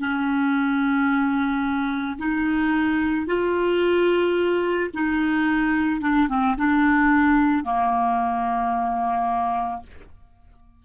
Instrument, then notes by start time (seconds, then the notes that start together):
clarinet
0.00 C#4
2.19 D#4
3.27 F4
4.94 D#4
6.01 D4
6.29 C4
6.58 D4
7.65 A#3